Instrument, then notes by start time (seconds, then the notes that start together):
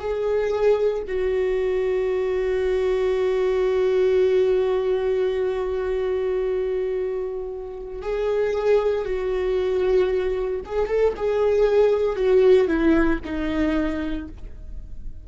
viola
0.00 G#4
1.07 F#4
8.02 G#4
9.05 F#4
10.66 G#4
10.88 A4
11.17 G#4
12.16 F#4
12.67 E4
13.25 D#4